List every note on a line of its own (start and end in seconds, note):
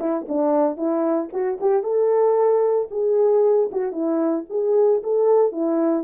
0.00 0.26 E4
0.28 0.77 D4
0.77 1.29 E4
1.33 1.59 F#4
1.60 1.83 G4
1.83 2.88 A4
2.91 3.70 G#4
3.71 3.92 F#4
3.92 4.45 E4
4.49 5.02 G#4
5.03 5.52 A4
5.52 6.04 E4